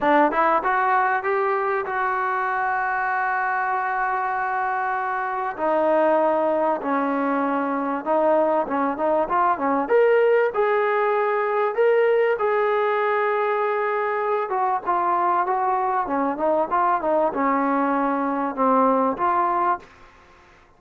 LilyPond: \new Staff \with { instrumentName = "trombone" } { \time 4/4 \tempo 4 = 97 d'8 e'8 fis'4 g'4 fis'4~ | fis'1~ | fis'4 dis'2 cis'4~ | cis'4 dis'4 cis'8 dis'8 f'8 cis'8 |
ais'4 gis'2 ais'4 | gis'2.~ gis'8 fis'8 | f'4 fis'4 cis'8 dis'8 f'8 dis'8 | cis'2 c'4 f'4 | }